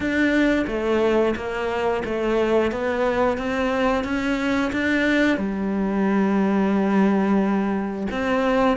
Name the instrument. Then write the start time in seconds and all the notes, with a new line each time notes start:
cello
0.00 D4
0.67 A3
1.35 A#3
2.04 A3
2.71 B3
3.37 C4
4.04 C#4
4.72 D4
5.37 G3
8.11 C4